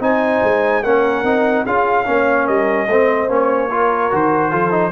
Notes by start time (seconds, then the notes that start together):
0.00 C4 D#4 C5 G#5
0.42 G#3
0.83 A#3 C#4 A#4 F#5
1.23 C4 D#4
1.64 C#4 F4 G#4 F5
2.05 A#3 C#4 C#5
2.45 G3 A#4 D#5
2.88 A3 C4 C5
3.28 A#3 C#4 C#5
3.70 F4 A#4
4.11 D#3 F#4 C5
4.50 F3 F4 A4
4.71 D#4